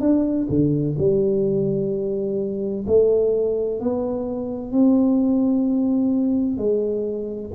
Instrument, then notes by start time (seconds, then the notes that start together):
tuba
0.00 D4
0.49 D3
0.98 G3
2.87 A3
3.80 B3
4.72 C4
6.57 G#3